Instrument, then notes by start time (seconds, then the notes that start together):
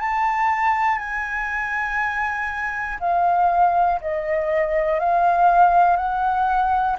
flute
0.00 A5
0.98 G#5
3.00 F5
4.01 D#5
5.00 F5
5.97 F#5